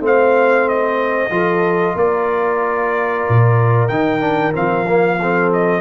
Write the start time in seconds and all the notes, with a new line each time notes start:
0.00 A3 C4 C5 F5
0.68 D#5
1.30 F3 F4 A4
1.95 A#3 A#4 D5
3.29 A#2
3.88 D#3 D#4 G5
4.20 D4
4.53 F3 C4 F5
4.87 A#3
5.18 C4 A4
5.53 D#5